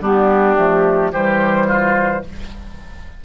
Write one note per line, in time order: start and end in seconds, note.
0.00 0.56 G3
0.00 0.56 B3
0.00 1.12 D4
0.00 1.13 G4
0.56 1.12 F3
0.56 1.11 A3
1.12 2.23 E3
1.12 2.24 G3
1.12 1.67 G4
1.12 2.24 C5
1.67 2.22 F4